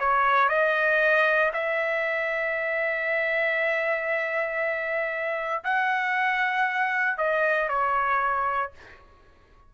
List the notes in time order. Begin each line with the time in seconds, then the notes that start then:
0.00 C#5
0.49 D#5
1.54 E5
5.64 F#5
7.18 D#5
7.69 C#5